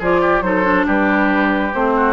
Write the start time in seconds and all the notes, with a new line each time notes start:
0.00 F3 F4 G#4 D5
0.22 G4
0.42 F#3 D#4 A4 C5
0.64 D4
0.86 G3 G4 B4
1.74 A3 C4 C5
1.96 F#4